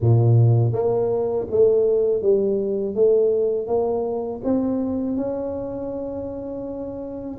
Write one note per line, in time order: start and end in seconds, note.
0.00 0.72 A#2
0.72 1.46 A#3
1.50 2.22 A3
2.22 2.95 G3
2.95 3.67 A3
3.67 4.41 A#3
4.43 5.16 C4
5.16 7.38 C#4